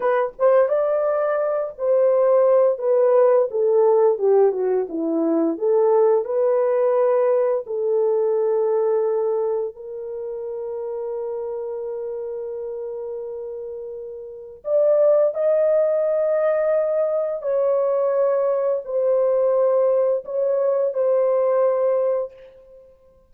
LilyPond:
\new Staff \with { instrumentName = "horn" } { \time 4/4 \tempo 4 = 86 b'8 c''8 d''4. c''4. | b'4 a'4 g'8 fis'8 e'4 | a'4 b'2 a'4~ | a'2 ais'2~ |
ais'1~ | ais'4 d''4 dis''2~ | dis''4 cis''2 c''4~ | c''4 cis''4 c''2 | }